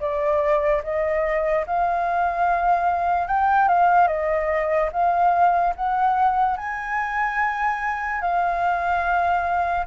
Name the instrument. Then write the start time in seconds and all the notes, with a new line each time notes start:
flute
0.00 D5
0.83 D#5
1.66 F5
3.27 G5
3.68 F5
4.08 D#5
4.92 F5
5.76 F#5
6.57 G#5
8.21 F5